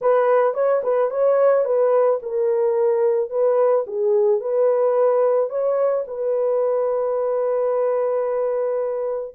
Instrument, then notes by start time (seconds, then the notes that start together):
horn
0.01 B4
0.54 C#5
0.83 B4
1.10 C#5
1.64 B4
2.22 A#4
3.30 B4
3.87 G#4
4.40 B4
5.49 C#5
6.07 B4